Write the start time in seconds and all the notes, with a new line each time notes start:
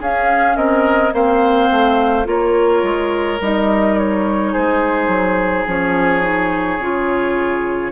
0.00 C#4 G#4 F5
0.56 C4 A#4 D#5
1.12 A#3 C4 C5 F5
1.70 A3
2.24 A#3 F4 A#4 C#5
2.82 G#3
3.40 G3 D#4 D#5
3.98 C#5
4.52 G#3 G#4 C5
5.07 F#3
5.66 F3 C#4 C#5
6.21 D#4
6.78 C#3 F4